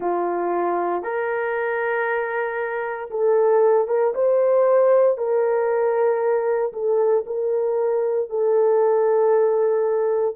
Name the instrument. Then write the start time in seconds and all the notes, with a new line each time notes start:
horn
0.00 F4
1.03 A#4
3.10 A4
3.87 A#4
4.14 C5
5.17 A#4
6.72 A4
7.26 A#4
8.29 A4